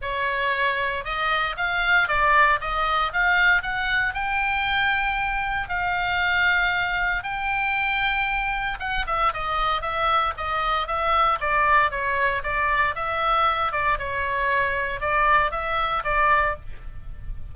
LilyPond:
\new Staff \with { instrumentName = "oboe" } { \time 4/4 \tempo 4 = 116 cis''2 dis''4 f''4 | d''4 dis''4 f''4 fis''4 | g''2. f''4~ | f''2 g''2~ |
g''4 fis''8 e''8 dis''4 e''4 | dis''4 e''4 d''4 cis''4 | d''4 e''4. d''8 cis''4~ | cis''4 d''4 e''4 d''4 | }